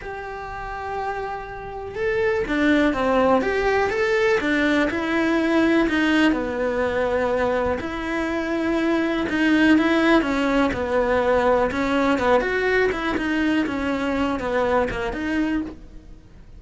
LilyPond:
\new Staff \with { instrumentName = "cello" } { \time 4/4 \tempo 4 = 123 g'1 | a'4 d'4 c'4 g'4 | a'4 d'4 e'2 | dis'4 b2. |
e'2. dis'4 | e'4 cis'4 b2 | cis'4 b8 fis'4 e'8 dis'4 | cis'4. b4 ais8 dis'4 | }